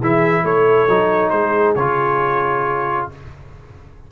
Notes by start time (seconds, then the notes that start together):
0.00 E3 E4 G#4 E5
0.44 A3 A4 C#5
0.89 F#3 D#4
1.30 G#3 G#4 C5
1.76 C#3 F4 C#5